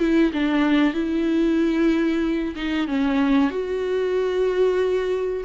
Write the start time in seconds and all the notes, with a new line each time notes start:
0.00 E4
0.34 D4
0.94 E4
2.56 D#4
2.88 C#4
3.51 F#4